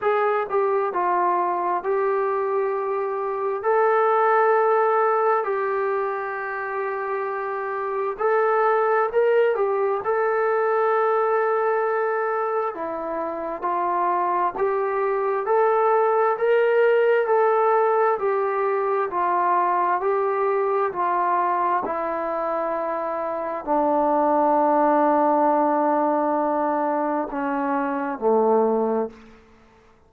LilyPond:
\new Staff \with { instrumentName = "trombone" } { \time 4/4 \tempo 4 = 66 gis'8 g'8 f'4 g'2 | a'2 g'2~ | g'4 a'4 ais'8 g'8 a'4~ | a'2 e'4 f'4 |
g'4 a'4 ais'4 a'4 | g'4 f'4 g'4 f'4 | e'2 d'2~ | d'2 cis'4 a4 | }